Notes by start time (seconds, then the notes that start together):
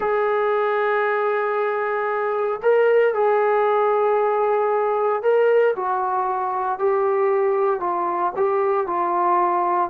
0.00 G#4
2.62 A#4
3.14 G#4
5.22 A#4
5.75 F#4
6.78 G4
7.80 F4
8.36 G4
8.86 F4